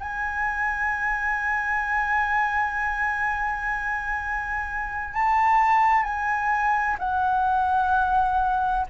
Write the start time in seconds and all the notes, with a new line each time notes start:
0.00 G#5
5.13 A5
6.03 G#5
6.99 F#5